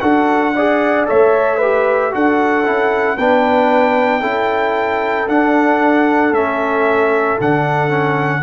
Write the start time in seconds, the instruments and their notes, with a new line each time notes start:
0.00 tuba D4, trombone F#4, horn A4, trumpet F#5
0.56 trombone G#4, horn D5
1.05 tuba A3, trombone A4, horn C#5, trumpet E5
1.58 trombone G4, horn B4
2.11 tuba D4, trombone F#4, horn A4, trumpet F#5
2.65 tuba C#4, trombone E4
3.18 tuba B3, trombone D4, horn B4, trumpet G5
4.20 tuba C#4, trombone E4, horn A4
5.28 tuba D4, trombone D4, trumpet F#5
6.32 tuba A3, trombone C#4, trumpet E5
7.40 tuba D3, trombone D4, trumpet F#5
7.89 trombone C#4